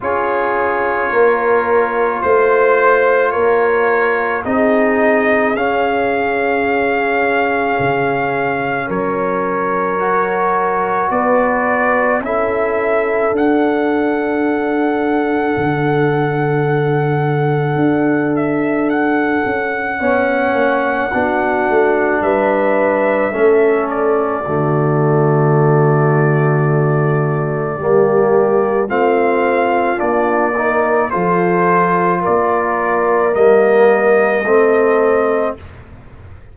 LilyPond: <<
  \new Staff \with { instrumentName = "trumpet" } { \time 4/4 \tempo 4 = 54 cis''2 c''4 cis''4 | dis''4 f''2. | cis''2 d''4 e''4 | fis''1~ |
fis''8 e''8 fis''2. | e''4. d''2~ d''8~ | d''2 f''4 d''4 | c''4 d''4 dis''2 | }
  \new Staff \with { instrumentName = "horn" } { \time 4/4 gis'4 ais'4 c''4 ais'4 | gis'1 | ais'2 b'4 a'4~ | a'1~ |
a'2 cis''4 fis'4 | b'4 a'4 fis'2~ | fis'4 g'4 f'4. ais'8 | a'4 ais'2 a'4 | }
  \new Staff \with { instrumentName = "trombone" } { \time 4/4 f'1 | dis'4 cis'2.~ | cis'4 fis'2 e'4 | d'1~ |
d'2 cis'4 d'4~ | d'4 cis'4 a2~ | a4 ais4 c'4 d'8 dis'8 | f'2 ais4 c'4 | }
  \new Staff \with { instrumentName = "tuba" } { \time 4/4 cis'4 ais4 a4 ais4 | c'4 cis'2 cis4 | fis2 b4 cis'4 | d'2 d2 |
d'4. cis'8 b8 ais8 b8 a8 | g4 a4 d2~ | d4 g4 a4 ais4 | f4 ais4 g4 a4 | }
>>